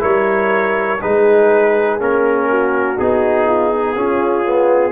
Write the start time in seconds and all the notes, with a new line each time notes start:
0.00 G3 E4 A#4 C#5
1.02 G#3 D#4 G#4 B4
2.00 A#3 C#4 A#4
2.50 F#4
2.97 B3 D#4 G#4
3.47 F4
3.70 D#4
3.97 C#4 F4
4.46 B3